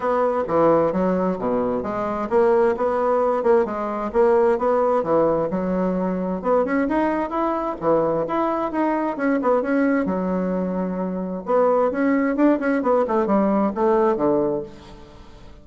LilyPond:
\new Staff \with { instrumentName = "bassoon" } { \time 4/4 \tempo 4 = 131 b4 e4 fis4 b,4 | gis4 ais4 b4. ais8 | gis4 ais4 b4 e4 | fis2 b8 cis'8 dis'4 |
e'4 e4 e'4 dis'4 | cis'8 b8 cis'4 fis2~ | fis4 b4 cis'4 d'8 cis'8 | b8 a8 g4 a4 d4 | }